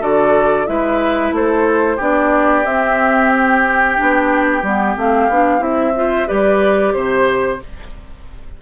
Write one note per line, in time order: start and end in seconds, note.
0.00 0.67 D3
0.00 0.66 F#4
0.00 0.66 A4
0.00 0.66 D5
0.66 1.31 G#3
0.66 1.98 E4
0.66 1.35 B4
0.66 1.32 E5
1.31 1.97 A3
1.31 1.96 A4
1.31 2.01 C5
1.96 2.65 B3
1.96 2.64 D4
1.96 5.92 G4
1.96 2.65 D5
2.64 3.96 C4
2.64 3.97 C4
2.64 3.31 E5
3.32 4.97 G5
3.96 4.62 B3
3.96 4.62 D4
4.62 4.95 G3
4.62 4.97 B3
4.96 5.28 A3
4.96 5.30 C4
4.96 5.63 F5
5.28 5.60 B3
5.28 5.59 D4
5.59 6.26 C4
5.59 5.92 E4
5.59 6.28 E5
5.95 6.27 F4
5.95 6.27 C5
6.27 6.94 G3
6.27 7.58 G4
6.27 6.93 B4
6.27 6.93 D5
6.93 7.60 C3
6.93 7.59 C5
6.93 7.61 C5